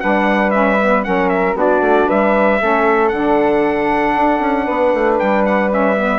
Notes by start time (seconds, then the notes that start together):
0.00 G3 D4 B4 F#5
0.51 C#4 E5
0.81 B3
1.03 F#3 C#4 A#4 F#5
1.29 E5
1.54 B3 D4 F#4 D5
1.81 A3
2.07 G3 B4 E5
2.60 A3 C#4 A4
3.09 D3 D4 F#5
4.16 D4
4.40 C#4
4.65 B3 B4
4.94 A3
5.19 G3 G5
5.45 F#5
5.70 C#4 E5
5.96 B3